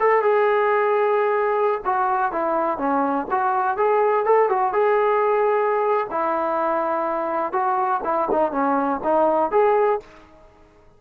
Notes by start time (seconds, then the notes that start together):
0.00 A4
0.22 G#4
1.85 F#4
2.32 E4
2.78 C#4
3.31 F#4
3.77 G#4
4.25 A4
4.49 F#4
4.73 G#4
6.10 E4
7.52 F#4
8.04 E4
8.31 D#4
8.52 C#4
9.04 D#4
9.51 G#4